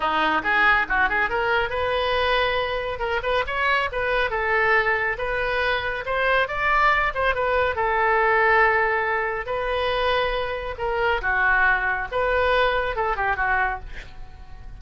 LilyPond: \new Staff \with { instrumentName = "oboe" } { \time 4/4 \tempo 4 = 139 dis'4 gis'4 fis'8 gis'8 ais'4 | b'2. ais'8 b'8 | cis''4 b'4 a'2 | b'2 c''4 d''4~ |
d''8 c''8 b'4 a'2~ | a'2 b'2~ | b'4 ais'4 fis'2 | b'2 a'8 g'8 fis'4 | }